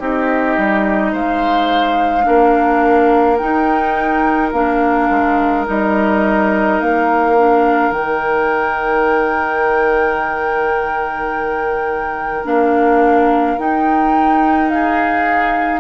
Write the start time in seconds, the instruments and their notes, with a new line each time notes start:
0.00 bassoon C4, clarinet D#4, oboe G4, flute D#5
0.58 bassoon G3
1.12 bassoon G#3, oboe C5, flute F5
2.24 bassoon A#3, clarinet D4, oboe A#4
3.37 clarinet D#4, bassoon D#4, flute G5
4.53 bassoon A#3, clarinet D4, flute F5
5.10 bassoon G#3
5.67 bassoon G3, clarinet D#4, flute D#5
6.81 bassoon A#3, flute F5
7.38 clarinet D4
7.91 bassoon D#3, clarinet D#4, flute G5
12.45 bassoon A#3, clarinet D4, flute F5
13.58 bassoon D#4, clarinet D#4, flute G5
14.70 oboe G#4, flute F5